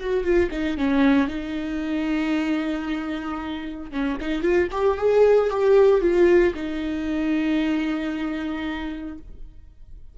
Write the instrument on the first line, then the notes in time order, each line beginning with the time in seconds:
viola
0.00 F#4
0.24 F4
0.51 D#4
0.78 C#4
1.28 D#4
3.92 C#4
4.21 D#4
4.42 F4
4.72 G4
4.98 G#4
5.50 G4
6.01 F4
6.55 D#4